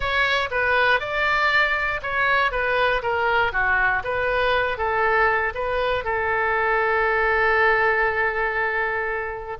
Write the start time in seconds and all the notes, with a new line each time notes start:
0.00 C#5
0.50 B4
0.99 D5
2.02 C#5
2.51 B4
3.02 A#4
3.52 F#4
4.03 B4
4.77 A4
5.54 B4
6.04 A4